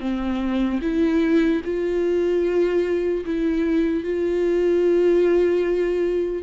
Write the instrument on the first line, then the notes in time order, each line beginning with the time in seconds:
viola
0.00 C4
0.81 E4
1.64 F4
3.25 E4
4.03 F4